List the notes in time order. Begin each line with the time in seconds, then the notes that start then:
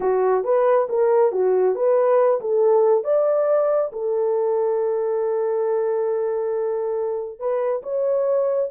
0.00 F#4
0.44 B4
0.89 A#4
1.32 F#4
1.75 B4
2.40 A4
3.04 D5
3.92 A4
7.39 B4
7.83 C#5